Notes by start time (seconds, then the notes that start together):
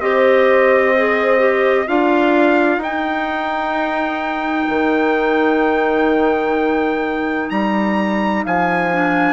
0.00 C4 G4 C5 D#5
0.97 G#4
1.39 G4
1.88 D4 F4 A#4 F5
2.78 D#4 G5
2.84 D#4
4.69 D#3
7.50 G3 A#5
8.44 F3 F5 G#5
8.93 D4